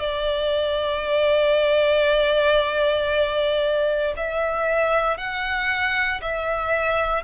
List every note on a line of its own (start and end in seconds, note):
0.00 4.14 D5
4.17 5.17 E5
5.17 6.21 F#5
6.21 7.24 E5